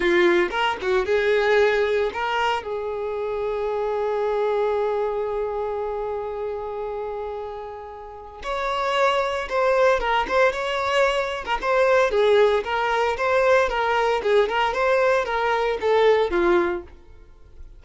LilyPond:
\new Staff \with { instrumentName = "violin" } { \time 4/4 \tempo 4 = 114 f'4 ais'8 fis'8 gis'2 | ais'4 gis'2.~ | gis'1~ | gis'1 |
cis''2 c''4 ais'8 c''8 | cis''4.~ cis''16 ais'16 c''4 gis'4 | ais'4 c''4 ais'4 gis'8 ais'8 | c''4 ais'4 a'4 f'4 | }